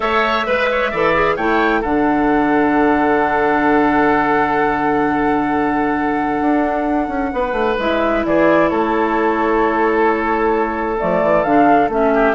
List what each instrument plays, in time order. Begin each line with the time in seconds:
0.00 bassoon A3, clarinet A4, oboe C#5, flute E5
0.46 bassoon G#3, oboe B4, clarinet B4
0.71 oboe C#5
0.90 bassoon E3, clarinet A4, oboe D5
1.15 clarinet G#4
1.36 bassoon A3, clarinet E4, oboe C#5, flute G5
1.80 bassoon D3, clarinet D4, oboe A4, flute F#5
6.40 bassoon D4
7.08 bassoon C#4
7.33 bassoon B3, oboe B4
7.52 bassoon A3
7.78 bassoon G#3, clarinet E4, flute E5
8.25 bassoon E3, oboe G#4, flute D5
8.68 bassoon A3, oboe A4, flute C#5
10.98 bassoon F3, clarinet A3, flute D5
11.22 bassoon E3
11.43 bassoon D3, clarinet D4, flute F5
11.88 bassoon A3, clarinet C#4, flute E5
12.13 oboe G4